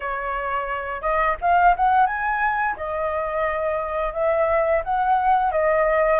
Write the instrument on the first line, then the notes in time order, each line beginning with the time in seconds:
flute
0.00 C#5
1.01 D#5
1.41 F5
1.76 F#5
2.06 G#5
2.76 D#5
4.13 E5
4.84 F#5
5.51 D#5